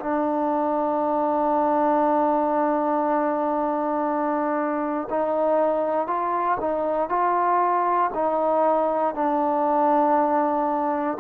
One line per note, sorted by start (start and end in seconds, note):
0.00 5.08 D4
5.10 6.07 D#4
6.07 6.58 F4
6.61 7.09 D#4
7.09 8.11 F4
8.15 9.15 D#4
9.15 11.18 D4